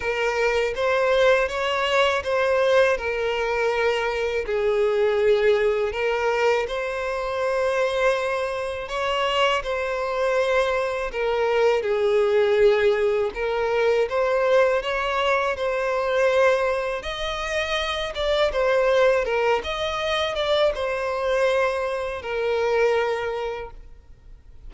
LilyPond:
\new Staff \with { instrumentName = "violin" } { \time 4/4 \tempo 4 = 81 ais'4 c''4 cis''4 c''4 | ais'2 gis'2 | ais'4 c''2. | cis''4 c''2 ais'4 |
gis'2 ais'4 c''4 | cis''4 c''2 dis''4~ | dis''8 d''8 c''4 ais'8 dis''4 d''8 | c''2 ais'2 | }